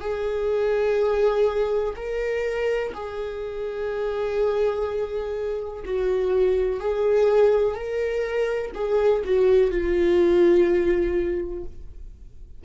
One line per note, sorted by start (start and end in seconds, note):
0.00 1.94 G#4
1.96 2.93 A#4
2.94 5.84 G#4
5.85 6.80 F#4
6.80 7.75 G#4
7.75 8.71 A#4
8.74 9.22 G#4
9.24 9.71 F#4
9.71 11.64 F4